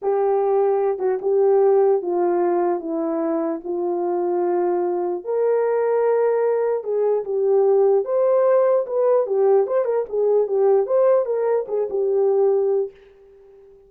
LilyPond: \new Staff \with { instrumentName = "horn" } { \time 4/4 \tempo 4 = 149 g'2~ g'8 fis'8 g'4~ | g'4 f'2 e'4~ | e'4 f'2.~ | f'4 ais'2.~ |
ais'4 gis'4 g'2 | c''2 b'4 g'4 | c''8 ais'8 gis'4 g'4 c''4 | ais'4 gis'8 g'2~ g'8 | }